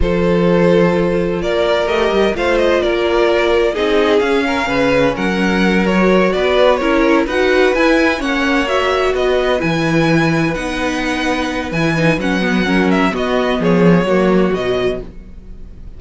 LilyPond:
<<
  \new Staff \with { instrumentName = "violin" } { \time 4/4 \tempo 4 = 128 c''2. d''4 | dis''4 f''8 dis''8 d''2 | dis''4 f''2 fis''4~ | fis''8 cis''4 d''4 cis''4 fis''8~ |
fis''8 gis''4 fis''4 e''4 dis''8~ | dis''8 gis''2 fis''4.~ | fis''4 gis''4 fis''4. e''8 | dis''4 cis''2 dis''4 | }
  \new Staff \with { instrumentName = "violin" } { \time 4/4 a'2. ais'4~ | ais'4 c''4 ais'2 | gis'4. ais'8 b'4 ais'4~ | ais'4. b'4 ais'4 b'8~ |
b'4. cis''2 b'8~ | b'1~ | b'2. ais'4 | fis'4 gis'4 fis'2 | }
  \new Staff \with { instrumentName = "viola" } { \time 4/4 f'1 | g'4 f'2. | dis'4 cis'2.~ | cis'8 fis'2 e'4 fis'8~ |
fis'8 e'4 cis'4 fis'4.~ | fis'8 e'2 dis'4.~ | dis'4 e'8 dis'8 cis'8 b8 cis'4 | b2 ais4 fis4 | }
  \new Staff \with { instrumentName = "cello" } { \time 4/4 f2. ais4 | a8 g8 a4 ais2 | c'4 cis'4 cis4 fis4~ | fis4. b4 cis'4 dis'8~ |
dis'8 e'4 ais2 b8~ | b8 e2 b4.~ | b4 e4 fis2 | b4 f4 fis4 b,4 | }
>>